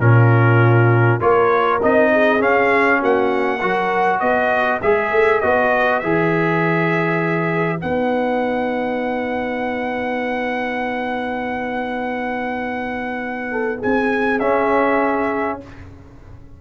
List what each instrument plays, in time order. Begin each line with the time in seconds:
0.00 tuba A#2, trombone C#4, horn F4, trumpet A#4
1.20 tuba A#3, trombone F4, horn A#4, trumpet C#5
1.82 tuba C4, trombone D#4, trumpet D#5
2.12 horn G#4
2.39 trombone C#4, tuba C#4, trumpet F5
3.00 tuba A#3, horn F#4, trumpet F#5
3.61 tuba F#3, trombone F#4, horn A#4
4.20 tuba B3, horn B4, trumpet D#5
4.82 tuba G#3, trombone G#4, trumpet E5
5.11 tuba A3
5.41 tuba B3, trombone F#4, trumpet D#5
6.00 tuba E3, trombone G#4, trumpet E5
7.77 tuba B3, trombone D#4, trumpet F#5
13.52 horn A4
13.79 tuba C4, horn G#4, trumpet G#5
14.39 trombone C#4, tuba C#4, trumpet E5